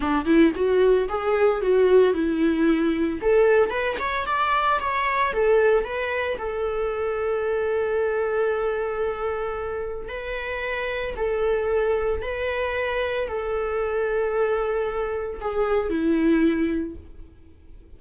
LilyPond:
\new Staff \with { instrumentName = "viola" } { \time 4/4 \tempo 4 = 113 d'8 e'8 fis'4 gis'4 fis'4 | e'2 a'4 b'8 cis''8 | d''4 cis''4 a'4 b'4 | a'1~ |
a'2. b'4~ | b'4 a'2 b'4~ | b'4 a'2.~ | a'4 gis'4 e'2 | }